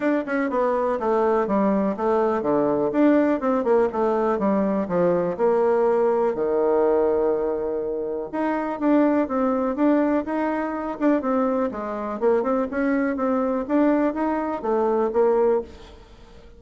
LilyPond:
\new Staff \with { instrumentName = "bassoon" } { \time 4/4 \tempo 4 = 123 d'8 cis'8 b4 a4 g4 | a4 d4 d'4 c'8 ais8 | a4 g4 f4 ais4~ | ais4 dis2.~ |
dis4 dis'4 d'4 c'4 | d'4 dis'4. d'8 c'4 | gis4 ais8 c'8 cis'4 c'4 | d'4 dis'4 a4 ais4 | }